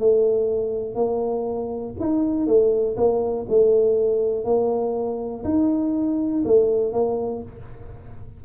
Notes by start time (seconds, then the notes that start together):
0.00 A3
0.96 A#3
2.00 D#4
2.47 A3
2.97 A#3
3.50 A3
4.45 A#3
5.45 D#4
6.45 A3
6.93 A#3